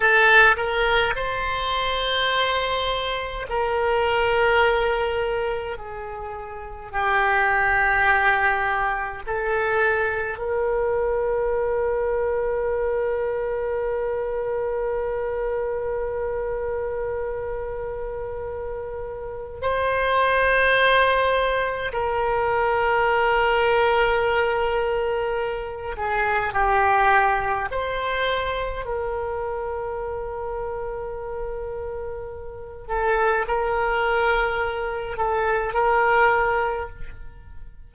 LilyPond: \new Staff \with { instrumentName = "oboe" } { \time 4/4 \tempo 4 = 52 a'8 ais'8 c''2 ais'4~ | ais'4 gis'4 g'2 | a'4 ais'2.~ | ais'1~ |
ais'4 c''2 ais'4~ | ais'2~ ais'8 gis'8 g'4 | c''4 ais'2.~ | ais'8 a'8 ais'4. a'8 ais'4 | }